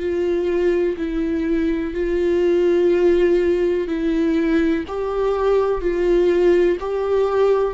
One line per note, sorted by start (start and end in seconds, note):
0.00 0.97 F4
0.98 1.94 E4
1.94 3.88 F4
3.88 4.85 E4
4.88 5.82 G4
5.82 6.78 F4
6.80 7.74 G4